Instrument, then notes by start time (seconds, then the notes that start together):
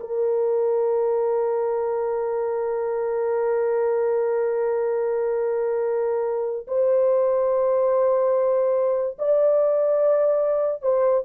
horn
0.00 A#4
6.67 C5
9.19 D5
10.82 C5